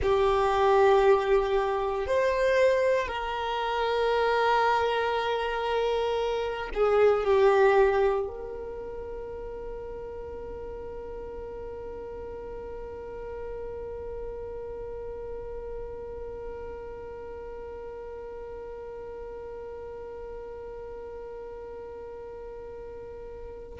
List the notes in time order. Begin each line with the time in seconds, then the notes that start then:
0.02 G4
2.06 C5
3.07 A#4
6.73 G#4
7.24 G4
8.27 A#4